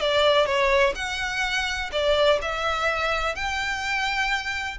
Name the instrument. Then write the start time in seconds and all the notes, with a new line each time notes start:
violin
0.00 D5
0.46 C#5
0.95 F#5
1.92 D5
2.41 E5
3.35 G5